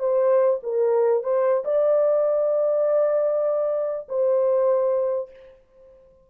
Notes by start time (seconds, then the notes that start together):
0.00 C5
0.64 A#4
1.24 C5
1.65 D5
4.09 C5